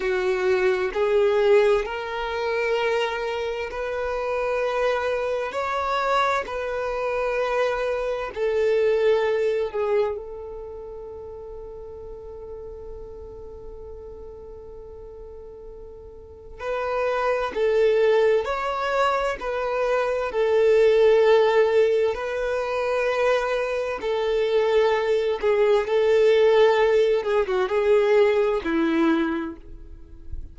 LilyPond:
\new Staff \with { instrumentName = "violin" } { \time 4/4 \tempo 4 = 65 fis'4 gis'4 ais'2 | b'2 cis''4 b'4~ | b'4 a'4. gis'8 a'4~ | a'1~ |
a'2 b'4 a'4 | cis''4 b'4 a'2 | b'2 a'4. gis'8 | a'4. gis'16 fis'16 gis'4 e'4 | }